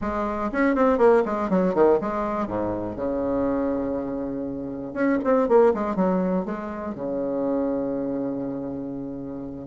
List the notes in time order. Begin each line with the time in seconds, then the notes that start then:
0.01 G#3
0.51 C#4
0.75 C4
0.98 A#3
1.25 G#3
1.49 F#3
1.74 D#3
2.00 G#3
2.47 G#2
2.96 C#3
4.93 C#4
5.24 C4
5.48 A#3
5.73 G#3
5.95 F#3
6.45 G#3
6.94 C#3